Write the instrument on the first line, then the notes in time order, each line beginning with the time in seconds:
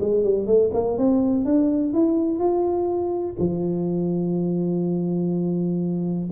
tuba
0.00 G#3
0.24 G3
0.46 A3
0.73 A#3
0.97 C4
1.45 D4
1.93 E4
2.38 F4
3.39 F3